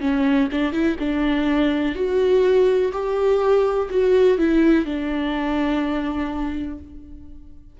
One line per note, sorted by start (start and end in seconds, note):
0.00 0.48 C#4
0.51 0.72 D4
0.72 0.96 E4
0.99 1.95 D4
1.95 2.92 F#4
2.92 3.88 G4
3.90 4.37 F#4
4.37 4.85 E4
4.85 6.78 D4